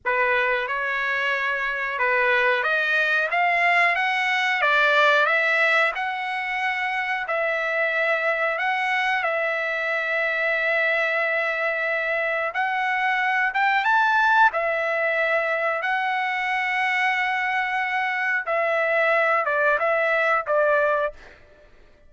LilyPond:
\new Staff \with { instrumentName = "trumpet" } { \time 4/4 \tempo 4 = 91 b'4 cis''2 b'4 | dis''4 f''4 fis''4 d''4 | e''4 fis''2 e''4~ | e''4 fis''4 e''2~ |
e''2. fis''4~ | fis''8 g''8 a''4 e''2 | fis''1 | e''4. d''8 e''4 d''4 | }